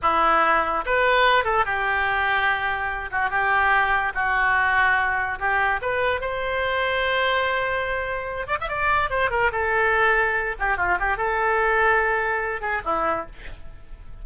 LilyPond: \new Staff \with { instrumentName = "oboe" } { \time 4/4 \tempo 4 = 145 e'2 b'4. a'8 | g'2.~ g'8 fis'8 | g'2 fis'2~ | fis'4 g'4 b'4 c''4~ |
c''1~ | c''8 d''16 e''16 d''4 c''8 ais'8 a'4~ | a'4. g'8 f'8 g'8 a'4~ | a'2~ a'8 gis'8 e'4 | }